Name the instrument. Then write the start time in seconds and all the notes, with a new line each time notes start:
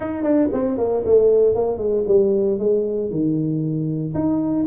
tuba
0.00 D#4
0.23 D4
0.52 C4
0.77 A#3
1.05 A3
1.55 A#3
1.77 G#3
2.07 G3
2.58 G#3
3.10 D#3
4.14 D#4